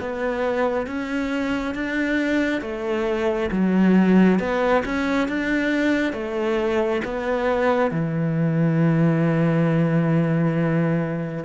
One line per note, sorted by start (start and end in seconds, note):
0.00 0.86 B3
0.86 1.74 C#4
1.74 2.61 D4
2.61 3.50 A3
3.51 4.39 F#3
4.39 4.83 B3
4.85 5.28 C#4
5.28 6.13 D4
6.13 7.01 A3
7.04 7.91 B3
7.91 11.44 E3